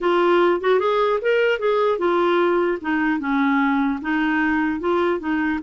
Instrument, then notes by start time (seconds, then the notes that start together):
clarinet
0.00 F4
0.60 F#4
0.79 G#4
1.21 A#4
1.59 G#4
1.98 F4
2.81 D#4
3.19 C#4
4.01 D#4
4.79 F4
5.19 D#4